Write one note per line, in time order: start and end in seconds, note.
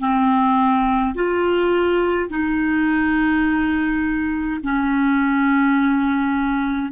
0.00 1.15 C4
1.15 2.30 F4
2.30 4.61 D#4
4.64 6.92 C#4